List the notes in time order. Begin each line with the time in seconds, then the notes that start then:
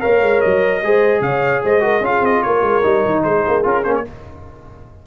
0.00 A#3 A#4 C#5 F5
0.21 G#3
0.41 F#3 D#5
0.82 G#3 G#4 C5
1.20 C#3 C#5 F5
1.64 G#3 C5 D#5
1.80 F#4 A#4
2.01 C#4 F4 G#4 F5
2.20 C4 D#5
2.42 A#3 A#4 C#5
2.61 G#3
2.83 G3 D#4
3.06 D#3
3.23 G#3 G#4 C5
3.48 A#3
3.63 C#4 F4 A#4
3.84 A#3 C#4 C5
3.95 C#5